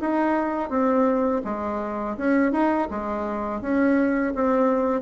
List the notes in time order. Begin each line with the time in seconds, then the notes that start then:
0.00 D#4
0.69 C4
1.44 G#3
2.17 C#4
2.52 D#4
2.90 G#3
3.61 C#4
4.34 C4